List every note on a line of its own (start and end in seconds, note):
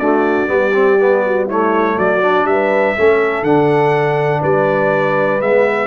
0.00 0.48 A3
0.00 0.48 D4
0.00 0.50 F#4
0.00 1.48 D5
0.48 1.96 G3
0.48 0.72 B3
0.48 1.26 G4
0.74 0.98 C4
1.01 1.50 B3
1.26 1.47 F#4
1.47 2.23 A3
1.47 1.96 E4
1.47 1.99 C#5
1.98 2.45 F#3
1.98 2.47 F#4
1.98 2.47 D5
2.23 2.97 D4
2.45 2.94 G3
2.45 3.44 E5
2.51 2.96 B4
2.96 3.43 A3
2.96 3.45 C#4
2.96 4.40 A4
3.43 4.41 D3
3.43 5.41 D4
3.43 4.43 F#5
4.40 5.41 G3
4.40 5.88 B4
4.40 5.42 D5
5.41 5.88 G#3
5.41 5.88 B3
5.41 5.88 E5